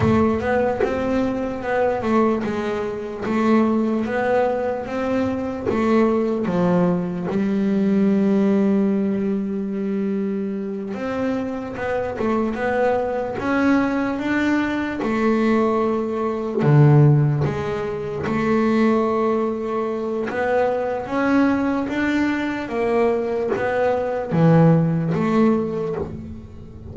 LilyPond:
\new Staff \with { instrumentName = "double bass" } { \time 4/4 \tempo 4 = 74 a8 b8 c'4 b8 a8 gis4 | a4 b4 c'4 a4 | f4 g2.~ | g4. c'4 b8 a8 b8~ |
b8 cis'4 d'4 a4.~ | a8 d4 gis4 a4.~ | a4 b4 cis'4 d'4 | ais4 b4 e4 a4 | }